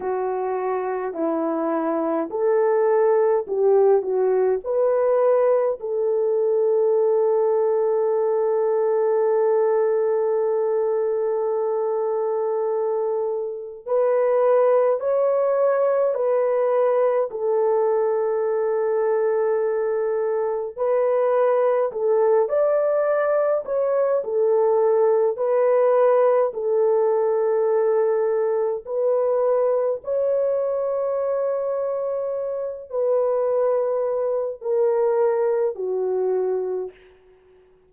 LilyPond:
\new Staff \with { instrumentName = "horn" } { \time 4/4 \tempo 4 = 52 fis'4 e'4 a'4 g'8 fis'8 | b'4 a'2.~ | a'1 | b'4 cis''4 b'4 a'4~ |
a'2 b'4 a'8 d''8~ | d''8 cis''8 a'4 b'4 a'4~ | a'4 b'4 cis''2~ | cis''8 b'4. ais'4 fis'4 | }